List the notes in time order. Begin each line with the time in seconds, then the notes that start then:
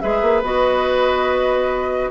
0.00 G#3 G#4 B4 E5
0.21 A#3
0.42 B3 F#4 D#5